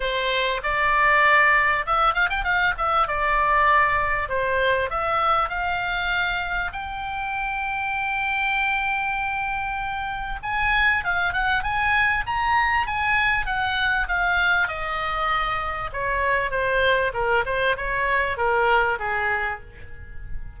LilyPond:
\new Staff \with { instrumentName = "oboe" } { \time 4/4 \tempo 4 = 98 c''4 d''2 e''8 f''16 g''16 | f''8 e''8 d''2 c''4 | e''4 f''2 g''4~ | g''1~ |
g''4 gis''4 f''8 fis''8 gis''4 | ais''4 gis''4 fis''4 f''4 | dis''2 cis''4 c''4 | ais'8 c''8 cis''4 ais'4 gis'4 | }